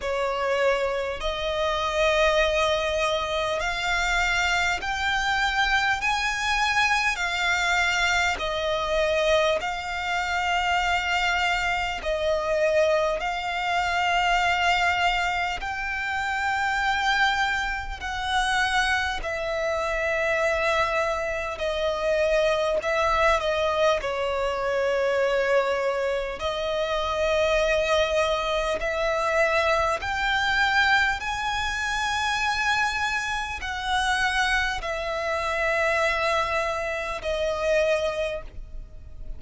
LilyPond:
\new Staff \with { instrumentName = "violin" } { \time 4/4 \tempo 4 = 50 cis''4 dis''2 f''4 | g''4 gis''4 f''4 dis''4 | f''2 dis''4 f''4~ | f''4 g''2 fis''4 |
e''2 dis''4 e''8 dis''8 | cis''2 dis''2 | e''4 g''4 gis''2 | fis''4 e''2 dis''4 | }